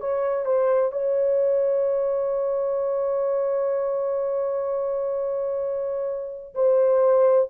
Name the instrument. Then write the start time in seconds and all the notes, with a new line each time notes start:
horn
0.00 C#5
0.46 C5
0.92 C#5
6.55 C5